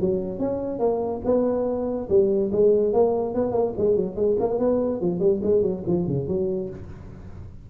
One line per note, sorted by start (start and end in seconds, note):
0.00 0.39 F#3
0.39 0.79 C#4
0.79 1.21 A#3
1.24 2.08 B3
2.09 2.51 G3
2.51 2.93 G#3
2.93 3.34 A#3
3.34 3.51 B3
3.51 3.72 A#3
3.77 3.96 G#3
3.96 4.15 F#3
4.15 4.36 G#3
4.39 4.58 A#3
4.58 5.00 B3
5.00 5.19 F3
5.19 5.40 G3
5.43 5.62 G#3
5.62 5.83 F#3
5.87 6.07 F3
6.07 6.27 C#3
6.27 6.69 F#3